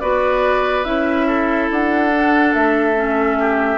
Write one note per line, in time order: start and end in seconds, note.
0.00 0.85 B3
0.00 0.84 F#4
0.00 1.27 B4
0.00 0.85 D5
0.84 1.70 C#4
0.84 2.11 E4
0.84 1.69 E5
1.27 3.38 A4
1.70 2.55 D4
1.70 2.54 F#5
2.14 2.95 D4
2.54 3.78 A3
2.54 3.78 E5
2.95 3.78 C#4
3.39 3.78 G4